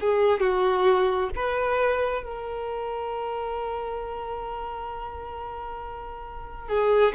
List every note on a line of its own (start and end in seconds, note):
0.00 0.40 G#4
0.40 1.29 F#4
1.35 2.23 B4
2.23 6.68 A#4
6.68 7.13 G#4